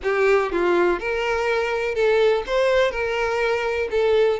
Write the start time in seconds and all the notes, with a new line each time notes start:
0.03 G4
0.51 F4
0.99 A#4
1.94 A4
2.46 C5
2.91 A#4
3.90 A4